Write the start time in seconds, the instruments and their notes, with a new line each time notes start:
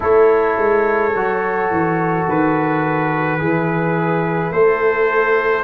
0.00 tuba A3, trombone E4, horn A4, trumpet C#5
0.58 tuba G#3
1.14 tuba F#3, trombone F#4
1.70 tuba E3
2.28 tuba D#3, trumpet B4
3.39 tuba E3, trombone E4, horn G#4
4.51 tuba A3, horn A4, trumpet C5